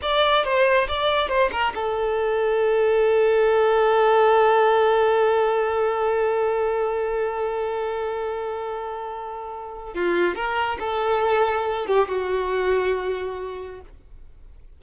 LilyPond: \new Staff \with { instrumentName = "violin" } { \time 4/4 \tempo 4 = 139 d''4 c''4 d''4 c''8 ais'8 | a'1~ | a'1~ | a'1~ |
a'1~ | a'2. f'4 | ais'4 a'2~ a'8 g'8 | fis'1 | }